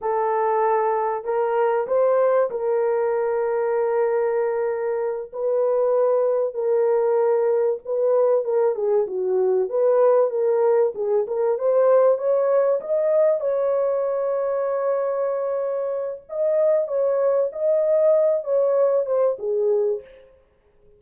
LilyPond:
\new Staff \with { instrumentName = "horn" } { \time 4/4 \tempo 4 = 96 a'2 ais'4 c''4 | ais'1~ | ais'8 b'2 ais'4.~ | ais'8 b'4 ais'8 gis'8 fis'4 b'8~ |
b'8 ais'4 gis'8 ais'8 c''4 cis''8~ | cis''8 dis''4 cis''2~ cis''8~ | cis''2 dis''4 cis''4 | dis''4. cis''4 c''8 gis'4 | }